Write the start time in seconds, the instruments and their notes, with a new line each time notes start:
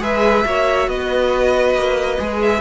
0.00 cello G#3, viola G#4, violin B4 E5
0.44 cello A#3, viola F#4, violin C#5
0.87 cello B3, violin B4 D#5
1.74 cello A#3
2.18 cello G#3, viola G#4
2.41 violin E5